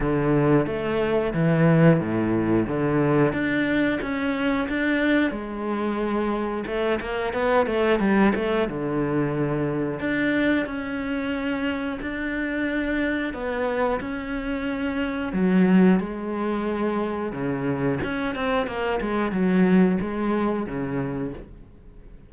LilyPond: \new Staff \with { instrumentName = "cello" } { \time 4/4 \tempo 4 = 90 d4 a4 e4 a,4 | d4 d'4 cis'4 d'4 | gis2 a8 ais8 b8 a8 | g8 a8 d2 d'4 |
cis'2 d'2 | b4 cis'2 fis4 | gis2 cis4 cis'8 c'8 | ais8 gis8 fis4 gis4 cis4 | }